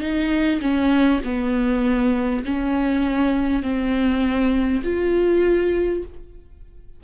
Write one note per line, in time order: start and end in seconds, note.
0.00 0.60 D#4
0.61 1.21 C#4
1.24 2.44 B3
2.44 3.63 C#4
3.63 4.83 C4
4.83 6.03 F4